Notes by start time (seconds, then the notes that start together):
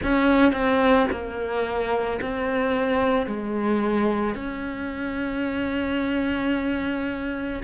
0.03 C#4
0.52 C4
1.11 A#3
2.21 C4
3.26 G#3
4.34 C#4